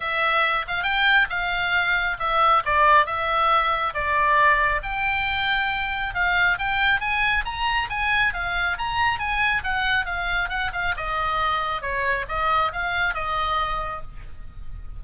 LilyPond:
\new Staff \with { instrumentName = "oboe" } { \time 4/4 \tempo 4 = 137 e''4. f''8 g''4 f''4~ | f''4 e''4 d''4 e''4~ | e''4 d''2 g''4~ | g''2 f''4 g''4 |
gis''4 ais''4 gis''4 f''4 | ais''4 gis''4 fis''4 f''4 | fis''8 f''8 dis''2 cis''4 | dis''4 f''4 dis''2 | }